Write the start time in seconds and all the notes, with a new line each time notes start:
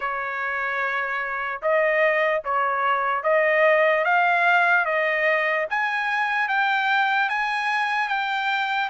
0.00 C#5
1.61 D#5
2.44 C#5
3.23 D#5
4.04 F5
4.85 D#5
5.70 G#5
6.48 G5
7.29 G#5
8.08 G5